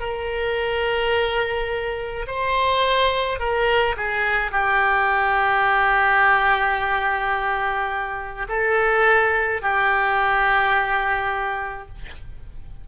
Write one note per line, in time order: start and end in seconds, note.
0.00 2.26 A#4
2.27 3.39 C5
3.39 3.96 A#4
3.97 4.51 G#4
4.51 8.48 G4
8.49 9.62 A4
9.62 11.88 G4